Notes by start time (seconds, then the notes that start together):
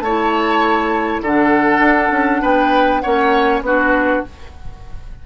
0.00 A3 C#5 A5
0.06 E4
1.21 D3 D4 A4 F#5
1.79 D4
2.11 C#4
2.42 B3 B4 G5
3.01 A#3 C#4 C#5 F#5
3.61 B3 D4 F#4 B4